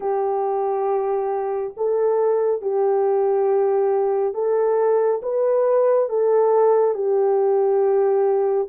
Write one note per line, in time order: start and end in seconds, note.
0.00 1.74 G4
1.76 2.61 A4
2.61 4.34 G4
4.34 5.21 A4
5.22 6.09 B4
6.09 6.94 A4
6.94 8.68 G4